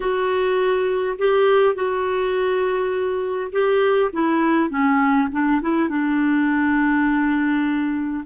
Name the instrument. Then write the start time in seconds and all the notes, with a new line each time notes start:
clarinet
0.00 F#4
1.18 G4
1.74 F#4
3.52 G4
4.12 E4
4.70 C#4
5.32 D4
5.61 E4
5.88 D4